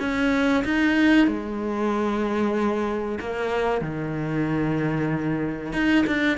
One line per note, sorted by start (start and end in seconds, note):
0.00 0.64 C#4
0.64 1.27 D#4
1.27 3.19 G#3
3.20 3.82 A#3
3.82 5.73 D#3
5.73 6.05 D#4
6.07 6.38 D4